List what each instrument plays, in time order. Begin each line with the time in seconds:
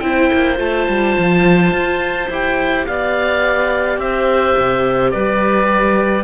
0.00 cello C4, viola E4, clarinet C5, oboe G5
0.33 cello A#3
0.57 cello A3, viola F4, oboe A5
0.89 cello G3
1.19 cello F3
1.72 cello F4
2.30 cello E4, viola G4, oboe G5
2.87 cello B3, clarinet D5, oboe F5
3.98 cello C4, clarinet C5, oboe E5
4.58 cello C3
5.11 cello G3, clarinet B4, oboe D5